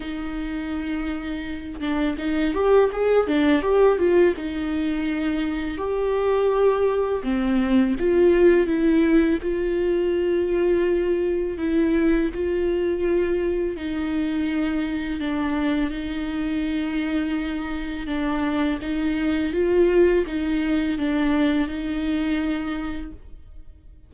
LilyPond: \new Staff \with { instrumentName = "viola" } { \time 4/4 \tempo 4 = 83 dis'2~ dis'8 d'8 dis'8 g'8 | gis'8 d'8 g'8 f'8 dis'2 | g'2 c'4 f'4 | e'4 f'2. |
e'4 f'2 dis'4~ | dis'4 d'4 dis'2~ | dis'4 d'4 dis'4 f'4 | dis'4 d'4 dis'2 | }